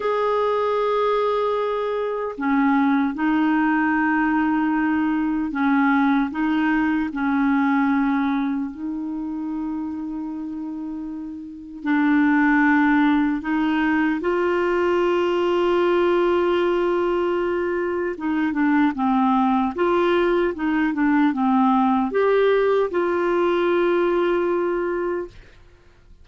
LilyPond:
\new Staff \with { instrumentName = "clarinet" } { \time 4/4 \tempo 4 = 76 gis'2. cis'4 | dis'2. cis'4 | dis'4 cis'2 dis'4~ | dis'2. d'4~ |
d'4 dis'4 f'2~ | f'2. dis'8 d'8 | c'4 f'4 dis'8 d'8 c'4 | g'4 f'2. | }